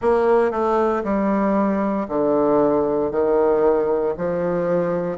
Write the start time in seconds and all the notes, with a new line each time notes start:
0.01 A#3
0.51 A3
1.03 G3
2.08 D3
3.11 D#3
4.17 F3